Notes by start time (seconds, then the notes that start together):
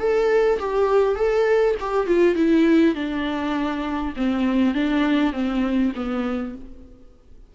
0.00 A4
0.59 G4
1.16 A4
1.80 G4
2.07 F4
2.35 E4
2.95 D4
4.17 C4
4.75 D4
5.33 C4
5.96 B3